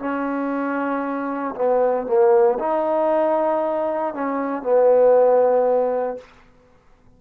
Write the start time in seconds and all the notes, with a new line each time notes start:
0.00 C#4
1.55 B3
2.07 A#3
2.60 D#4
4.15 C#4
4.63 B3